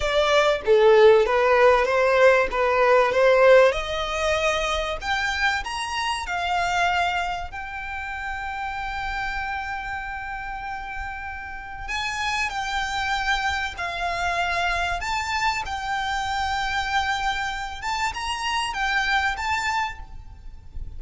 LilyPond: \new Staff \with { instrumentName = "violin" } { \time 4/4 \tempo 4 = 96 d''4 a'4 b'4 c''4 | b'4 c''4 dis''2 | g''4 ais''4 f''2 | g''1~ |
g''2. gis''4 | g''2 f''2 | a''4 g''2.~ | g''8 a''8 ais''4 g''4 a''4 | }